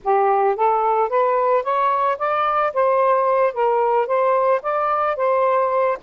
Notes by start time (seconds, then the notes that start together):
0.03 G4
0.56 A4
1.09 B4
1.63 C#5
2.18 D5
2.73 C5
3.53 A#4
4.06 C5
4.62 D5
5.16 C5